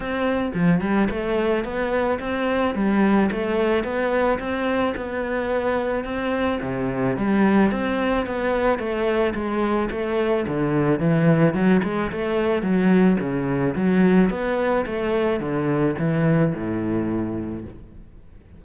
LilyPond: \new Staff \with { instrumentName = "cello" } { \time 4/4 \tempo 4 = 109 c'4 f8 g8 a4 b4 | c'4 g4 a4 b4 | c'4 b2 c'4 | c4 g4 c'4 b4 |
a4 gis4 a4 d4 | e4 fis8 gis8 a4 fis4 | cis4 fis4 b4 a4 | d4 e4 a,2 | }